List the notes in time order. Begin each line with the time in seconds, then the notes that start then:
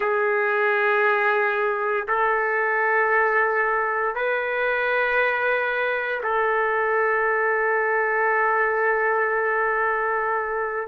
0.00 G#4
2.08 A4
4.15 B4
6.23 A4